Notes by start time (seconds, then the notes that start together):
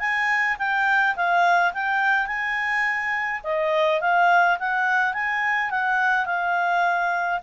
0.00 G#5
0.59 G5
1.16 F5
1.74 G5
2.27 G#5
3.44 D#5
4.01 F5
4.59 F#5
5.14 G#5
5.71 F#5
6.26 F5